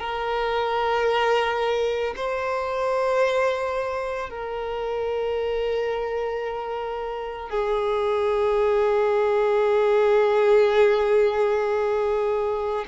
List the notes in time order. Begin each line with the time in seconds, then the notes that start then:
0.00 A#4
2.16 C5
4.30 A#4
7.50 G#4